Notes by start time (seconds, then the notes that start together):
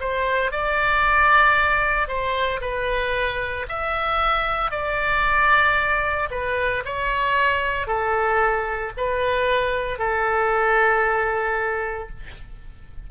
0.00 C5
0.51 D5
2.07 C5
2.61 B4
3.68 E5
4.71 D5
6.31 B4
6.85 C#5
7.87 A4
8.97 B4
9.99 A4